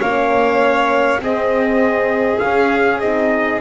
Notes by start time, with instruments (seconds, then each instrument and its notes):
0.00 double bass A#3, horn C#4, violin C#5, trumpet F5
1.19 horn C4, double bass C4, violin G#4, trumpet D#5
2.39 horn C#4, double bass C#4, trumpet F5
3.00 double bass C4, horn D#4, trumpet D#5